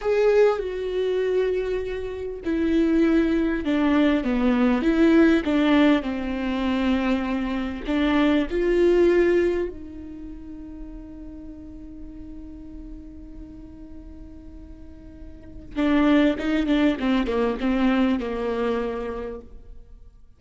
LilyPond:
\new Staff \with { instrumentName = "viola" } { \time 4/4 \tempo 4 = 99 gis'4 fis'2. | e'2 d'4 b4 | e'4 d'4 c'2~ | c'4 d'4 f'2 |
dis'1~ | dis'1~ | dis'2 d'4 dis'8 d'8 | c'8 ais8 c'4 ais2 | }